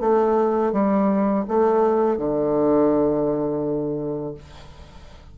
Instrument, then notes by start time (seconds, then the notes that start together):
bassoon
0.00 A3
0.73 G3
1.48 A3
2.18 D3